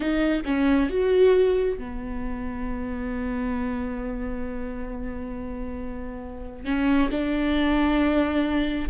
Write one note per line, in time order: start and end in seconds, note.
0.00 0.41 D#4
0.45 0.89 C#4
0.89 1.78 F#4
1.78 6.64 B3
6.64 7.09 C#4
7.11 8.88 D4